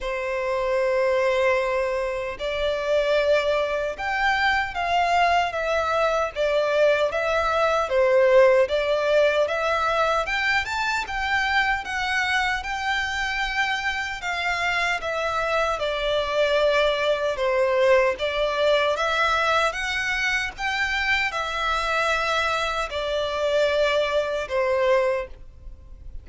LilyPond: \new Staff \with { instrumentName = "violin" } { \time 4/4 \tempo 4 = 76 c''2. d''4~ | d''4 g''4 f''4 e''4 | d''4 e''4 c''4 d''4 | e''4 g''8 a''8 g''4 fis''4 |
g''2 f''4 e''4 | d''2 c''4 d''4 | e''4 fis''4 g''4 e''4~ | e''4 d''2 c''4 | }